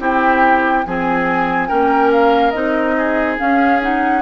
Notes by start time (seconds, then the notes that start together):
0.00 C4 E4 G4 G5
0.86 F3 C4 G#4 G#5
1.68 A#3 C#4 A#4 G5
2.12 F5
2.51 C4 D#4 D#5
2.98 G#4
3.38 C#4 F5
3.82 D#4 F#5